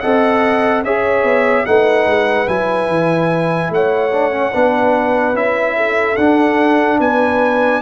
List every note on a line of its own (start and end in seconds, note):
0.00 0.84 C4
0.00 0.84 A4
0.00 0.83 D#5
0.00 0.82 F#5
0.84 1.23 C#4
0.84 1.66 G#4
0.84 1.66 C#5
0.84 1.66 E5
1.23 1.64 B3
1.66 2.06 A3
1.66 2.47 D#4
1.66 3.74 B4
1.66 2.47 F#5
2.06 2.47 G#3
2.47 2.87 F#3
2.47 4.11 E4
2.47 3.71 G#5
2.87 3.70 E3
3.70 4.52 A3
3.70 4.52 C#5
3.70 5.36 F#5
4.12 4.30 D4
4.30 4.51 C#4
4.52 5.34 B3
4.52 5.34 D4
4.52 5.75 B4
5.34 6.16 C#4
5.34 6.16 E4
5.34 6.16 E5
5.76 6.99 A4
6.16 6.99 D4
6.16 7.81 D4
6.16 6.98 F#5
6.99 7.81 B3
6.99 7.81 B4
6.99 7.81 G#5